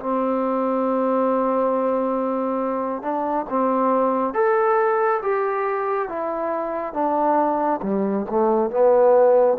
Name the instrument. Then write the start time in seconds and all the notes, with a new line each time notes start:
trombone
0.00 C4
3.03 D4
3.50 C4
4.34 A4
5.23 G4
6.09 E4
6.94 D4
7.83 G3
8.30 A3
8.71 B3